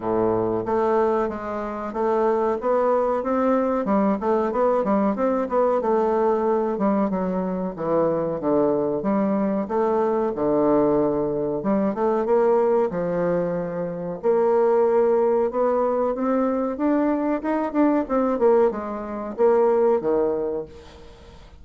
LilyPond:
\new Staff \with { instrumentName = "bassoon" } { \time 4/4 \tempo 4 = 93 a,4 a4 gis4 a4 | b4 c'4 g8 a8 b8 g8 | c'8 b8 a4. g8 fis4 | e4 d4 g4 a4 |
d2 g8 a8 ais4 | f2 ais2 | b4 c'4 d'4 dis'8 d'8 | c'8 ais8 gis4 ais4 dis4 | }